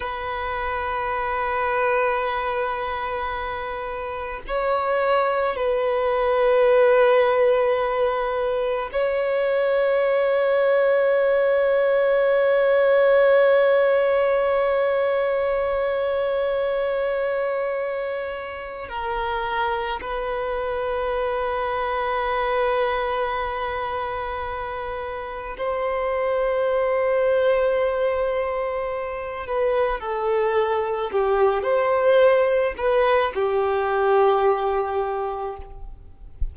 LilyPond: \new Staff \with { instrumentName = "violin" } { \time 4/4 \tempo 4 = 54 b'1 | cis''4 b'2. | cis''1~ | cis''1~ |
cis''4 ais'4 b'2~ | b'2. c''4~ | c''2~ c''8 b'8 a'4 | g'8 c''4 b'8 g'2 | }